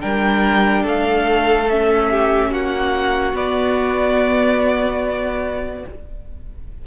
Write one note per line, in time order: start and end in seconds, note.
0.00 0.84 G3
0.00 1.67 D4
0.00 0.83 A#4
0.00 0.84 G5
0.83 2.50 A3
0.83 2.08 A4
0.83 1.70 F5
1.70 3.33 C#4
1.70 2.53 E5
2.10 2.51 G4
2.50 3.33 A#3
2.50 5.85 F#4
2.50 3.36 F#5
3.33 5.83 B3
3.33 5.84 B3
3.33 5.86 D5